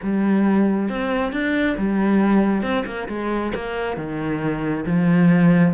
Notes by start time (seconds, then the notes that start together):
0.02 G3
0.89 C4
1.32 D4
1.77 G3
2.62 C4
2.86 A#3
3.08 G#3
3.54 A#3
3.96 D#3
4.85 F3